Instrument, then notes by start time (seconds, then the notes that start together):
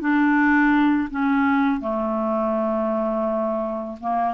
clarinet
0.00 D4
1.10 C#4
1.80 A3
4.00 A#3